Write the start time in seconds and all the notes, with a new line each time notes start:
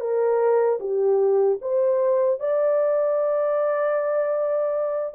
0.00 A#4
0.80 G4
1.61 C5
2.39 D5